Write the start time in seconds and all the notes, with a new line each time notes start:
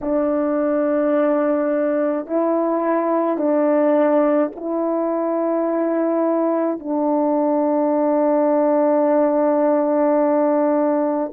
0.01 D4
2.26 E4
3.37 D4
4.55 E4
6.79 D4